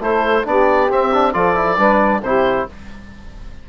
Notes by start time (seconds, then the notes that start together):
0.00 A3 E4 A4 C5
0.45 B3 D4 G4 D5
0.90 C4 E5
1.14 D4
1.33 F3 F4 A4 D5
1.55 E4
1.77 G3 D4 B4
2.22 C3 E4 G4 C5